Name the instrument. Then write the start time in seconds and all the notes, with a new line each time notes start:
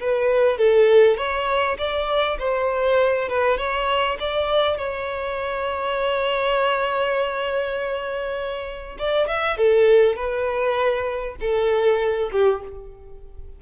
violin
0.00 B4
0.58 A4
1.17 C#5
1.78 D5
2.39 C5
3.29 B4
3.58 C#5
4.19 D5
4.78 C#5
8.98 D5
9.28 E5
9.57 A4
10.16 B4
11.40 A4
12.32 G4